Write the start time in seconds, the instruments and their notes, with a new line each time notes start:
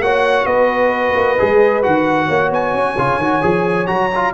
0.00 tuba A#3, trombone F#4, horn C#5, trumpet F#5
0.46 tuba B3, horn B4, trumpet D#5
1.15 tuba A#3
1.38 tuba G#3, trombone G#4
1.83 tuba D#3, trombone F#4, trumpet F#5
2.27 tuba A#3, horn C#5
2.51 tuba B3, trumpet G#5
2.74 tuba C#4
2.98 tuba C#3, trombone F4
3.18 tuba D#3, trombone F#4
3.42 tuba F3, trombone G#4
3.87 tuba F#3, trombone F#4, trumpet A#5
4.15 trombone F4